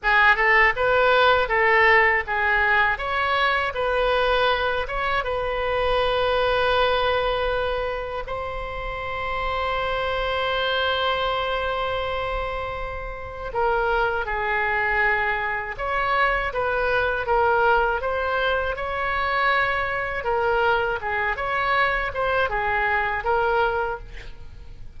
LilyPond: \new Staff \with { instrumentName = "oboe" } { \time 4/4 \tempo 4 = 80 gis'8 a'8 b'4 a'4 gis'4 | cis''4 b'4. cis''8 b'4~ | b'2. c''4~ | c''1~ |
c''2 ais'4 gis'4~ | gis'4 cis''4 b'4 ais'4 | c''4 cis''2 ais'4 | gis'8 cis''4 c''8 gis'4 ais'4 | }